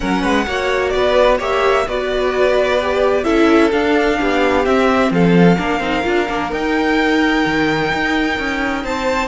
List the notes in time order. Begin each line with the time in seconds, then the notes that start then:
0.00 F#3 C#4 A#4 F#5
0.22 G#3 B4
0.46 A#3 F#4 C#5
0.89 B3 B4 D5
1.38 A#3 G4 C#5 E5
1.87 B3 F#4 B4 D5
2.81 G4
3.24 C#4 E4 A4 E5
3.72 D4 F5
4.19 B3 G4
4.63 C4 E5
5.11 F3 A4 F5
5.57 A#3 D4 A#4
5.79 C4 D#4
6.03 D4 F4
6.28 A#3 D4
6.50 D#4 G5
7.45 D#3
7.93 D#4
8.38 C#4
8.84 C4 C5 A5